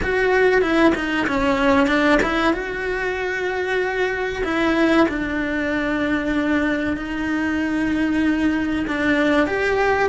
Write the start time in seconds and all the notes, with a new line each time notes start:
0.02 F#4
0.61 E4
0.95 D#4
1.27 C#4
1.87 D4
2.22 E4
2.53 F#4
4.44 E4
5.08 D4
6.96 D#4
8.87 D4
9.47 G4